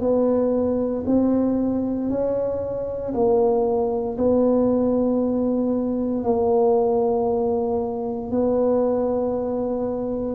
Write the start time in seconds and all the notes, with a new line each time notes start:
0.00 B3
1.06 C4
2.10 C#4
3.13 A#3
4.17 B3
6.24 A#3
8.30 B3